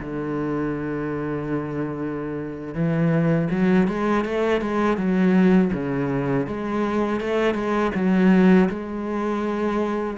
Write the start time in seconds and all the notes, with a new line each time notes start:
0.00 D3
2.74 E3
3.51 F#3
3.88 G#3
4.25 A3
4.61 G#3
4.97 F#3
5.73 C#3
6.47 G#3
7.21 A3
7.54 G#3
7.95 F#3
8.69 G#3